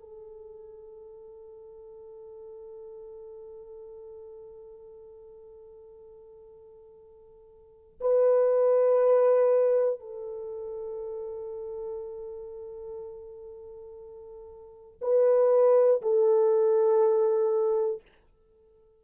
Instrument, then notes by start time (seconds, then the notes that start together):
horn
0.00 A4
8.01 B4
10.00 A4
15.02 B4
16.02 A4